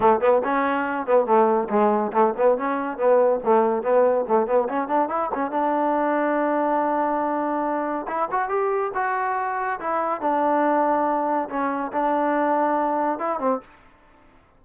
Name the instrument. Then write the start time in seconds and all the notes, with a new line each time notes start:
trombone
0.00 A3
0.20 B3
0.44 C#4
1.06 B3
1.26 A3
1.69 G#3
2.12 A3
2.37 B3
2.57 C#4
2.97 B3
3.43 A3
3.82 B3
4.27 A3
4.46 B3
4.68 C#4
4.87 D4
5.08 E4
5.34 C#4
5.51 D4
8.07 E4
8.31 F#4
8.49 G4
8.94 F#4
9.80 E4
10.21 D4
11.49 C#4
11.92 D4
13.18 E4
13.39 C4